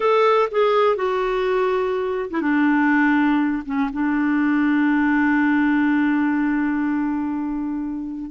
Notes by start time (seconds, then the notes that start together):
0.00 A4
0.51 G#4
0.95 F#4
2.30 E4
2.41 D4
3.65 C#4
3.92 D4